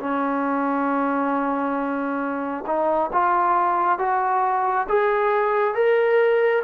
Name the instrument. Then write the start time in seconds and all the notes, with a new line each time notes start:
trombone
0.00 C#4
2.67 D#4
3.13 F4
3.99 F#4
4.89 G#4
5.75 A#4